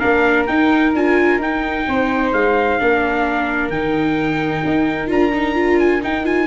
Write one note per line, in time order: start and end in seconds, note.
0.00 0.49 A#3
0.00 0.47 D4
0.00 1.85 A#4
0.00 0.46 F5
0.47 0.95 D#4
0.47 0.93 G5
0.95 1.38 D4
0.95 1.42 F4
0.95 1.41 G#5
1.38 1.85 D#4
1.38 2.79 D#4
1.38 2.33 G5
1.88 2.33 C4
1.88 2.81 C5
2.33 2.79 G#3
2.33 3.70 F5
2.79 3.69 A#3
2.79 3.72 D4
2.79 6.47 A#4
3.69 4.62 D#3
3.69 5.08 D#4
3.69 5.09 G5
4.65 5.10 D#4
5.08 6.03 D4
5.08 5.31 F4
5.08 5.79 A#5
5.34 5.55 D#4
5.55 6.01 F4
5.79 6.02 G#5
6.02 6.24 D#4
6.02 6.47 D#4
6.02 6.26 G5
6.24 6.47 F4
6.24 6.47 G#5